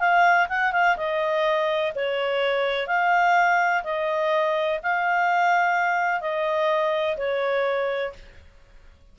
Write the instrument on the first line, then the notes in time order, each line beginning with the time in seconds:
clarinet
0.00 F5
0.49 F#5
0.73 F5
0.97 D#5
1.95 C#5
2.87 F5
3.84 D#5
4.83 F5
6.21 D#5
7.18 C#5